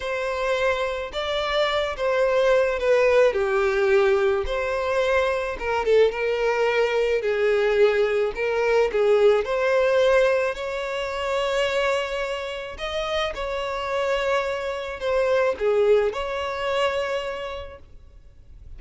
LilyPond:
\new Staff \with { instrumentName = "violin" } { \time 4/4 \tempo 4 = 108 c''2 d''4. c''8~ | c''4 b'4 g'2 | c''2 ais'8 a'8 ais'4~ | ais'4 gis'2 ais'4 |
gis'4 c''2 cis''4~ | cis''2. dis''4 | cis''2. c''4 | gis'4 cis''2. | }